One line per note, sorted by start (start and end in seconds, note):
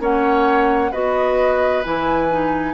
0.00 0.91 A#3
0.00 0.91 C#4
0.00 0.91 C#5
0.00 0.92 F#5
0.91 1.85 B3
0.91 1.84 F#4
0.91 2.73 B4
0.91 1.83 D#5
1.84 2.74 E3
1.84 2.30 E4
1.84 2.74 G#5
2.30 2.74 D#4